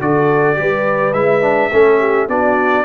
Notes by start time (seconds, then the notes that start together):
0.00 D3 F#4 A4 D5
0.55 G3 G4 B4
1.13 G#3 E4 E5
1.41 D4
1.72 A3 C#4 A4
1.99 G4
2.28 B3 D4 F#4 D5